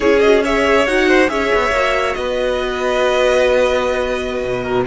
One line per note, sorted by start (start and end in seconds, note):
0.00 0.86 C#4
0.00 0.19 E4
0.00 0.43 G#4
0.00 0.19 C#5
0.19 0.43 F#4
0.19 0.41 D#5
0.43 0.87 G#4
0.43 1.08 C#5
0.43 0.86 E5
0.86 1.29 D#4
0.86 1.27 F#4
0.86 1.29 F#5
1.08 1.30 C5
1.27 1.51 C#4
1.27 1.71 G#4
1.27 2.16 C#5
1.27 2.14 E5
1.54 1.70 B3
1.70 2.13 A#3
1.70 4.86 F#4
2.14 4.43 B3
2.14 4.63 B4
2.14 4.83 D#5
4.43 4.86 B2
4.63 4.84 A#4